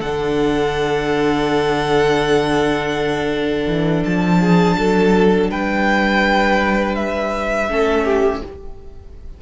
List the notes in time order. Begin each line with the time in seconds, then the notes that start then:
0.00 D3 D4 A4 F#5
3.67 E3
4.05 F3 A5
4.41 G#4
4.78 F#3 A4
5.50 G3 B4 G5
6.95 E5
7.69 A3 C#4 A4
8.05 G4